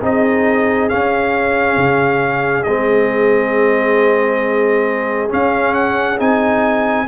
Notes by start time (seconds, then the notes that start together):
0.00 C4 D#4 G#4 D#5
0.89 C#4 F5
1.76 C#3
2.63 G#3 C4 D#5
5.29 C#4 F5
5.74 F#5
6.17 C4 D#4 G#5